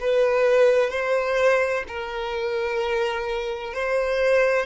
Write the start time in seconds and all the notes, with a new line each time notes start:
0.00 B4
0.90 C5
1.88 A#4
3.74 C5